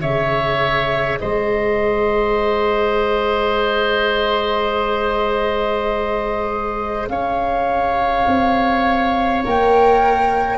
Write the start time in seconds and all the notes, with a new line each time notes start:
0.00 C#3 G#4 C#5 E5
1.19 G#3 C5 D#5
7.08 C#4 C#5 F5
8.27 C4
9.44 A#3 A#4 G5